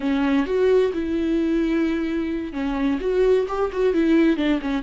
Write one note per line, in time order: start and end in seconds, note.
0.00 0.46 C#4
0.46 0.92 F#4
0.93 2.52 E4
2.52 2.98 C#4
3.00 3.46 F#4
3.47 3.70 G4
3.72 3.93 F#4
3.93 4.36 E4
4.36 4.59 D4
4.61 4.82 C#4